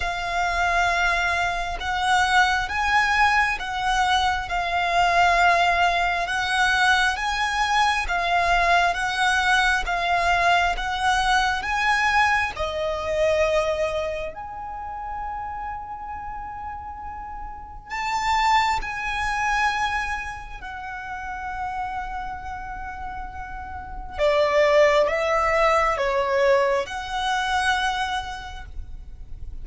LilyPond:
\new Staff \with { instrumentName = "violin" } { \time 4/4 \tempo 4 = 67 f''2 fis''4 gis''4 | fis''4 f''2 fis''4 | gis''4 f''4 fis''4 f''4 | fis''4 gis''4 dis''2 |
gis''1 | a''4 gis''2 fis''4~ | fis''2. d''4 | e''4 cis''4 fis''2 | }